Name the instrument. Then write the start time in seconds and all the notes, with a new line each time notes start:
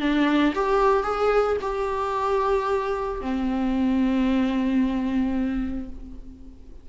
viola
0.00 D4
0.55 G4
1.03 G#4
1.61 G4
3.21 C4